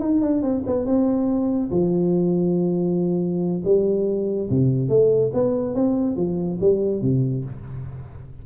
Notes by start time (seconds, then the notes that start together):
0.00 D#4
0.21 D4
0.43 C4
0.67 B3
0.86 C4
1.71 F3
3.65 G3
4.50 C3
4.89 A3
5.34 B3
5.75 C4
6.17 F3
6.61 G3
7.02 C3